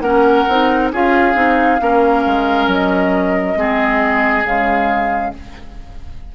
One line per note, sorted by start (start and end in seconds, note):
0.00 0.44 A#3
0.00 0.48 C#4
0.00 0.92 A#4
0.00 0.89 F#5
0.48 0.92 C4
0.48 0.93 D#4
0.92 1.35 C#4
0.92 1.34 F4
0.92 1.81 G#4
0.92 2.70 F5
1.34 1.79 C4
1.34 1.78 D#4
1.81 2.25 A#3
1.81 3.56 C#4
1.81 3.58 A#4
2.26 2.67 G#3
2.67 3.55 F#3
2.67 4.45 D#5
3.56 4.44 G#3
3.56 4.44 C4
3.56 5.35 G#4
4.44 5.32 C#3
4.44 5.34 G#3
4.44 5.33 F5